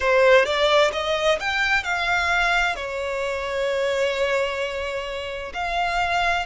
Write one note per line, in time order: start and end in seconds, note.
0.00 0.45 C5
0.45 0.91 D5
0.92 1.38 D#5
1.39 1.83 G5
1.83 2.75 F5
2.75 5.52 C#5
5.53 6.46 F5